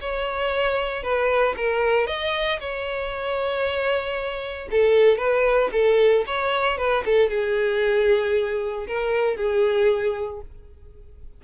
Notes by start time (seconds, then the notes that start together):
0.00 C#5
1.02 B4
1.57 A#4
2.07 D#5
2.59 C#5
4.71 A4
5.17 B4
5.72 A4
6.26 C#5
6.77 B4
7.05 A4
7.29 G#4
8.87 A#4
9.36 G#4